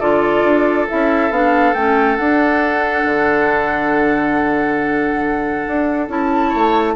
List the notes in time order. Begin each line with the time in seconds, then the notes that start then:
0.00 D3 F4 A4 D5
0.44 D4
0.88 C#4 E4 E5
1.30 B3 D4 F5
1.74 A3 C#4 G5
2.17 D4 F#5
3.05 D3
5.67 D4
6.09 C#4 E4 A5
6.49 A3 C#5